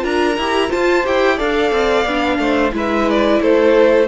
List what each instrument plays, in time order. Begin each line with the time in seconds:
0.00 cello D4, viola F4, violin A#4 A#5
0.38 cello E4, viola G4
0.70 viola F4, cello F4, violin C5 A5
1.04 cello E4, viola G4, violin G5
1.36 cello D4, viola A4, violin D5 F5
1.72 cello C4
2.06 cello B3, viola D4
2.38 cello A3, violin C5
2.72 cello G#3, viola E4, violin B4 E5
3.10 violin D5
3.41 cello A3, violin A4 C5